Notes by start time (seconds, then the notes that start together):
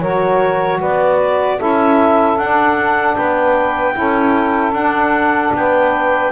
0.00 F#3 F#4 A#4 C#5
0.80 B3 B4 D5
1.57 C#4 E4 A4 E5
2.37 D4 F#5
3.15 B3 B4 G5
3.93 C#4 E4 A4
4.72 D4 F#5
5.52 B3 B4 G5